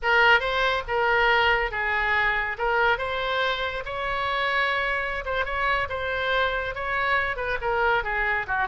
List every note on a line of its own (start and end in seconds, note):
0.02 0.40 A#4
0.40 0.83 C5
0.87 1.71 A#4
1.71 2.57 G#4
2.58 2.97 A#4
2.97 3.83 C5
3.85 5.24 C#5
5.25 5.45 C5
5.45 5.88 C#5
5.89 6.74 C5
6.74 7.36 C#5
7.36 7.57 B4
7.61 8.03 A#4
8.03 8.46 G#4
8.47 8.67 F#4